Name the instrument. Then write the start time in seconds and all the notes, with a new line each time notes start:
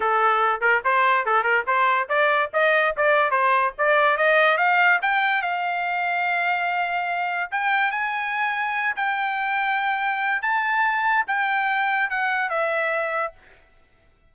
trumpet
0.00 A4
0.60 A#4
0.84 C5
1.25 A4
1.43 A#4
1.66 C5
2.09 D5
2.53 D#5
2.96 D5
3.30 C5
3.77 D5
4.17 D#5
4.57 F5
5.02 G5
5.42 F5
7.51 G5
7.91 G#5
8.96 G5
10.42 A5
11.27 G5
12.10 F#5
12.49 E5